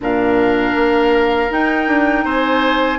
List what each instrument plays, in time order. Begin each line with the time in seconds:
0.00 bassoon A#2, clarinet D4, oboe A#4, flute F5
0.75 bassoon A#3
1.49 clarinet D#4, bassoon D#4, flute G5
1.87 bassoon D4
2.24 bassoon C4, oboe C5, flute G#5